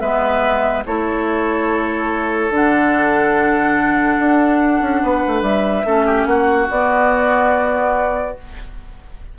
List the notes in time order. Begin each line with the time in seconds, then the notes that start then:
0.00 G#3 B3 B4 E5
0.86 A3 E4 A4 C#5
2.50 D3 D4 F#5
4.19 D4
4.81 C#4
5.03 B3 B4
5.28 A3
5.42 G3 E5
5.85 A3 C#4 A4
6.06 G4
6.26 A#3 F#4 F#5
6.70 B3 D5